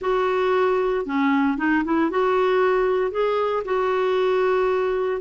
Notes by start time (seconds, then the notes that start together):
0.01 F#4
1.05 C#4
1.57 D#4
1.84 E4
2.10 F#4
3.11 G#4
3.65 F#4